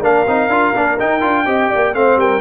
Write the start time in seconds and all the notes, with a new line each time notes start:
0.00 A#3 D4 A#4 F5
0.27 C4 D#4
0.47 D4 F4
0.74 A#3 D4
0.99 D#4 G5
1.21 D4 F4
1.45 C4 G4 D#5
1.70 A#3 D5
1.94 A3 C4 C5 F5
2.16 G3 A#4 G5